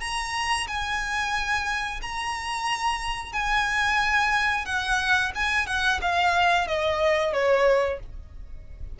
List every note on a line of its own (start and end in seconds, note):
0.00 0.67 A#5
0.67 2.00 G#5
2.01 3.32 A#5
3.32 4.65 G#5
4.65 5.32 F#5
5.35 5.66 G#5
5.66 6.00 F#5
6.01 6.67 F5
6.67 7.32 D#5
7.32 7.99 C#5